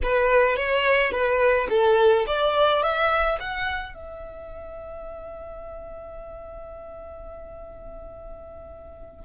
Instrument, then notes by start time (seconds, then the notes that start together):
violin
0.02 B4
0.56 C#5
1.11 B4
1.69 A4
2.27 D5
2.82 E5
3.40 F#5
3.94 E5